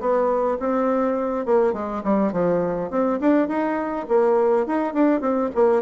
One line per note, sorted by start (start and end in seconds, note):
0.00 0.58 B3
0.60 1.46 C4
1.46 1.73 A#3
1.73 2.03 G#3
2.04 2.32 G3
2.32 2.90 F3
2.90 3.19 C4
3.20 3.48 D4
3.48 4.06 D#4
4.08 4.67 A#3
4.67 4.94 D#4
4.94 5.21 D4
5.21 5.50 C4
5.55 5.82 A#3